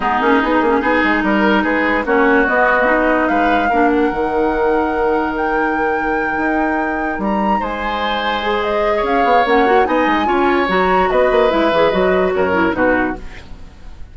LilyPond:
<<
  \new Staff \with { instrumentName = "flute" } { \time 4/4 \tempo 4 = 146 gis'2. ais'4 | b'4 cis''4 dis''2 | f''4. fis''2~ fis''8~ | fis''4 g''2.~ |
g''4. ais''4 gis''4.~ | gis''4 dis''4 f''4 fis''4 | gis''2 ais''4 dis''4 | e''4 dis''4 cis''4 b'4 | }
  \new Staff \with { instrumentName = "oboe" } { \time 4/4 dis'2 gis'4 ais'4 | gis'4 fis'2. | b'4 ais'2.~ | ais'1~ |
ais'2~ ais'8 c''4.~ | c''4.~ c''16 cis''2~ cis''16 | dis''4 cis''2 b'4~ | b'2 ais'4 fis'4 | }
  \new Staff \with { instrumentName = "clarinet" } { \time 4/4 b8 cis'8 dis'8 cis'8 dis'2~ | dis'4 cis'4 b8. ais16 dis'4~ | dis'4 d'4 dis'2~ | dis'1~ |
dis'1~ | dis'8 gis'2~ gis'8 cis'8 fis'8 | dis'4 f'4 fis'2 | e'8 gis'8 fis'4. e'8 dis'4 | }
  \new Staff \with { instrumentName = "bassoon" } { \time 4/4 gis8 ais8 b8 ais8 b8 gis8 g4 | gis4 ais4 b2 | gis4 ais4 dis2~ | dis2.~ dis8 dis'8~ |
dis'4. g4 gis4.~ | gis2 cis'8 b8 ais4 | b8 gis8 cis'4 fis4 b8 ais8 | gis8 e8 fis4 fis,4 b,4 | }
>>